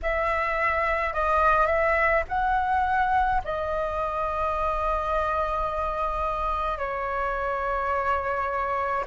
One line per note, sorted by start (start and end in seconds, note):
0.02 1.13 E5
1.13 1.66 D#5
1.66 2.23 E5
2.28 3.41 F#5
3.44 6.78 D#5
6.78 9.04 C#5